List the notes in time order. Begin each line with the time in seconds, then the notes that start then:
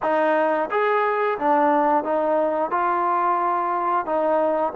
0.02 D#4
0.70 G#4
1.38 D4
2.04 D#4
2.70 F4
4.05 D#4